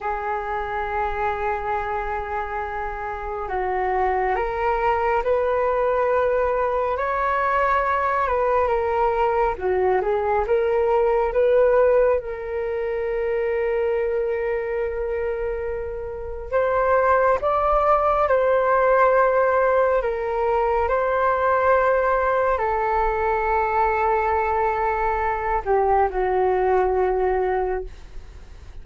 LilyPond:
\new Staff \with { instrumentName = "flute" } { \time 4/4 \tempo 4 = 69 gis'1 | fis'4 ais'4 b'2 | cis''4. b'8 ais'4 fis'8 gis'8 | ais'4 b'4 ais'2~ |
ais'2. c''4 | d''4 c''2 ais'4 | c''2 a'2~ | a'4. g'8 fis'2 | }